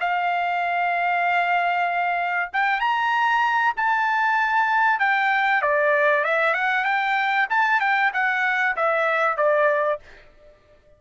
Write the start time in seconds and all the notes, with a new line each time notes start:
0.00 F5
2.53 G5
2.80 A#5
3.77 A5
4.99 G5
5.62 D5
6.24 E5
6.54 F#5
6.85 G5
7.50 A5
7.80 G5
8.13 F#5
8.76 E5
9.37 D5